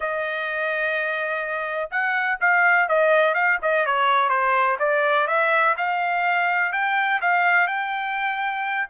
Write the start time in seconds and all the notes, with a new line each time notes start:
0.00 D#5
1.90 F#5
2.40 F5
2.88 D#5
3.34 F5
3.62 D#5
3.85 C#5
4.29 C5
4.79 D5
5.27 E5
5.77 F5
6.72 G5
7.21 F5
7.67 G5